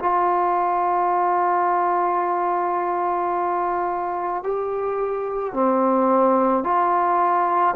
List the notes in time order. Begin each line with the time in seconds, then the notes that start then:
0.00 F4
4.43 G4
5.54 C4
6.64 F4